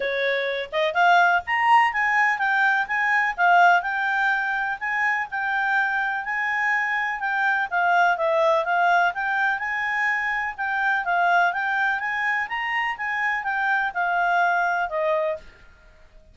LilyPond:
\new Staff \with { instrumentName = "clarinet" } { \time 4/4 \tempo 4 = 125 cis''4. dis''8 f''4 ais''4 | gis''4 g''4 gis''4 f''4 | g''2 gis''4 g''4~ | g''4 gis''2 g''4 |
f''4 e''4 f''4 g''4 | gis''2 g''4 f''4 | g''4 gis''4 ais''4 gis''4 | g''4 f''2 dis''4 | }